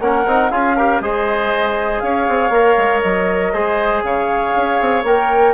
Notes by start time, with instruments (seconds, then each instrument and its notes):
0.00 bassoon A#3, trombone C#4, oboe A#4, flute F#5
0.26 bassoon C4, trombone D#4
0.50 bassoon C#4, trombone F4, oboe G#4, flute F5
0.76 trombone G4, oboe A#4
1.00 bassoon G#3, trombone G#4, oboe C5, flute D#5
1.99 bassoon C#4, oboe C#5, flute F5
2.28 bassoon C4
2.49 bassoon A#3, trombone A#4
2.77 bassoon G#3
3.00 bassoon F#3, flute D#5
3.52 bassoon G#3, trombone G#4, oboe C5
4.03 bassoon C#3, oboe C#5, flute F5
4.56 bassoon C#4
4.81 bassoon C4
5.03 bassoon A#3, trombone A#4, flute G5